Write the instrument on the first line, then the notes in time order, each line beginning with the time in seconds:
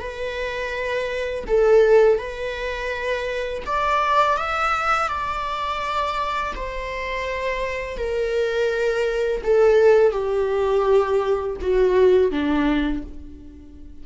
viola
0.00 B4
1.48 A4
2.19 B4
3.66 D5
4.37 E5
5.09 D5
6.56 C5
7.97 A#4
9.44 A4
10.12 G4
11.61 F#4
12.31 D4